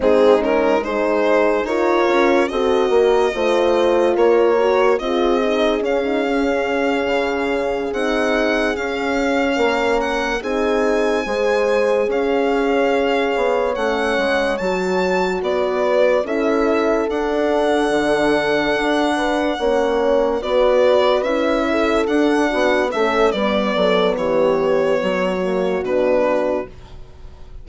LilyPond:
<<
  \new Staff \with { instrumentName = "violin" } { \time 4/4 \tempo 4 = 72 gis'8 ais'8 c''4 cis''4 dis''4~ | dis''4 cis''4 dis''4 f''4~ | f''4. fis''4 f''4. | fis''8 gis''2 f''4.~ |
f''8 fis''4 a''4 d''4 e''8~ | e''8 fis''2.~ fis''8~ | fis''8 d''4 e''4 fis''4 e''8 | d''4 cis''2 b'4 | }
  \new Staff \with { instrumentName = "horn" } { \time 4/4 dis'4 gis'4 ais'4 a'8 ais'8 | c''4 ais'4 gis'2~ | gis'2.~ gis'8 ais'8~ | ais'8 gis'4 c''4 cis''4.~ |
cis''2~ cis''8 b'4 a'8~ | a'2. b'8 cis''8~ | cis''8 b'4. a'4 fis'8 a'8 | b'8 a'8 g'4 fis'2 | }
  \new Staff \with { instrumentName = "horn" } { \time 4/4 c'8 cis'8 dis'4 f'4 fis'4 | f'4. fis'8 f'8 dis'8 cis'16 dis'16 cis'8~ | cis'4. dis'4 cis'4.~ | cis'8 dis'4 gis'2~ gis'8~ |
gis'8 cis'4 fis'2 e'8~ | e'8 d'2. cis'8~ | cis'8 fis'4 e'4 d'4 cis'8 | b2~ b8 ais8 d'4 | }
  \new Staff \with { instrumentName = "bassoon" } { \time 4/4 gis2 dis'8 cis'8 c'8 ais8 | a4 ais4 c'4 cis'4~ | cis'8 cis4 c'4 cis'4 ais8~ | ais8 c'4 gis4 cis'4. |
b8 a8 gis8 fis4 b4 cis'8~ | cis'8 d'4 d4 d'4 ais8~ | ais8 b4 cis'4 d'8 b8 a8 | g8 fis8 e4 fis4 b,4 | }
>>